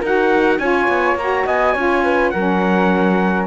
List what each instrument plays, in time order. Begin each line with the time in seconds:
0.00 cello D#4, saxophone F#4, flute A#4, trumpet F#5
0.58 cello C#4, saxophone F4, flute C#5, trumpet G#5
0.88 cello B3
1.14 cello A#3, saxophone F#4, trumpet A#5
1.46 cello B3, flute D#5, trumpet G#5
1.73 cello C#4, saxophone F4, flute C#5
2.03 flute B4
2.30 cello F#3, saxophone C#4, flute A#4, trumpet F#5